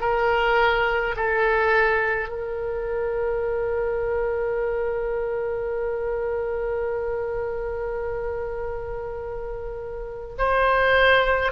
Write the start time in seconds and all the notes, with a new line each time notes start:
0.00 A#4
1.16 A4
2.29 A#4
10.38 C5